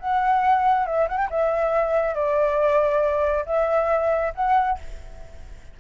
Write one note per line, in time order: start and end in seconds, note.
0.00 0.86 F#5
0.86 1.08 E5
1.09 1.18 F#5
1.18 1.29 G5
1.31 2.15 E5
2.15 3.45 D5
3.46 4.33 E5
4.35 4.79 F#5